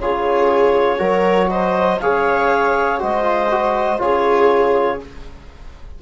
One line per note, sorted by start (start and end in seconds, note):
0.00 0.99 C#3
0.00 0.98 F4
0.00 0.99 G#4
0.00 1.50 C#5
0.98 1.99 F#3
0.98 1.98 F#4
0.98 1.49 A#4
1.50 2.00 C5
1.50 2.00 D#5
2.00 3.02 C#3
2.00 2.98 G#4
2.00 3.00 C#5
2.00 3.00 F5
2.98 3.99 G#3
2.98 3.23 F#4
2.98 4.00 C5
2.98 4.00 D#5
3.23 3.48 F4
3.50 3.98 F#4
3.98 4.99 C#3
3.98 4.98 F4
3.98 5.01 G#4
3.98 5.00 C#5